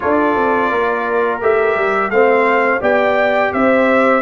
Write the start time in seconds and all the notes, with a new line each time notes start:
0.00 D4 F4 A4 D5
0.36 C4
0.71 A#3 A#4
1.41 A3 G4 E5
1.75 G3
2.10 A3 C4 C5 F5
2.80 B3 G4 D5 G5
3.53 C4 C5 E5